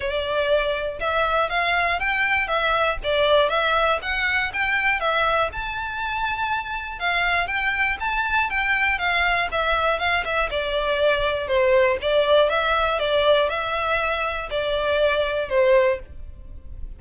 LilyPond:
\new Staff \with { instrumentName = "violin" } { \time 4/4 \tempo 4 = 120 d''2 e''4 f''4 | g''4 e''4 d''4 e''4 | fis''4 g''4 e''4 a''4~ | a''2 f''4 g''4 |
a''4 g''4 f''4 e''4 | f''8 e''8 d''2 c''4 | d''4 e''4 d''4 e''4~ | e''4 d''2 c''4 | }